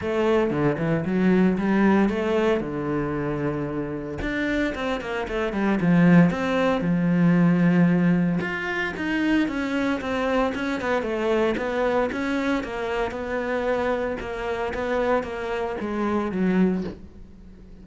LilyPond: \new Staff \with { instrumentName = "cello" } { \time 4/4 \tempo 4 = 114 a4 d8 e8 fis4 g4 | a4 d2. | d'4 c'8 ais8 a8 g8 f4 | c'4 f2. |
f'4 dis'4 cis'4 c'4 | cis'8 b8 a4 b4 cis'4 | ais4 b2 ais4 | b4 ais4 gis4 fis4 | }